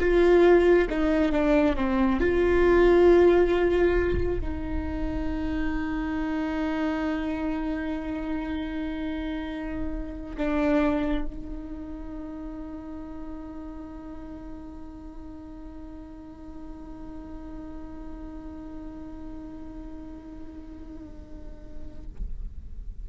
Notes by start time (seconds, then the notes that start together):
0.00 F4
0.90 D#4
1.32 D4
1.76 C4
2.21 F4
4.41 D#4
10.38 D4
11.26 D#4